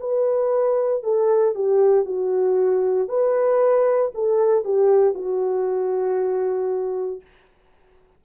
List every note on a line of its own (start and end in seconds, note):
0.00 1.03 B4
1.03 1.55 A4
1.55 2.05 G4
2.05 3.08 F#4
3.08 4.12 B4
4.15 4.64 A4
4.64 5.14 G4
5.14 7.21 F#4